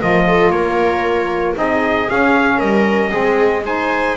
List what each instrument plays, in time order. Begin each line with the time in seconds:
0.00 double bass F3, saxophone F4, viola A#4, trumpet D#5
0.28 viola A4
0.50 double bass A#3, viola A#4, trumpet C#5
1.55 double bass C4, saxophone D#4, viola G#4, trumpet D#5
2.10 saxophone C#4, double bass C#4, trumpet F5
2.58 double bass G3, viola A#4, trumpet D#5
3.10 double bass G#3, saxophone C4, viola G#4
3.65 saxophone D#4, viola C5, trumpet G#5